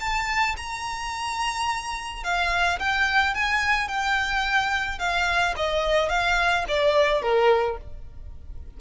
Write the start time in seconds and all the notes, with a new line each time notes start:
0.00 A5
0.57 A#5
2.23 F5
2.79 G5
3.34 G#5
3.88 G5
4.98 F5
5.56 D#5
6.09 F5
6.68 D5
7.22 A#4